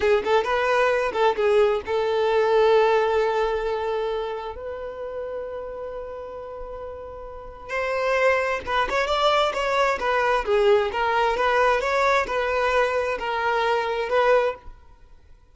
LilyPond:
\new Staff \with { instrumentName = "violin" } { \time 4/4 \tempo 4 = 132 gis'8 a'8 b'4. a'8 gis'4 | a'1~ | a'2 b'2~ | b'1~ |
b'4 c''2 b'8 cis''8 | d''4 cis''4 b'4 gis'4 | ais'4 b'4 cis''4 b'4~ | b'4 ais'2 b'4 | }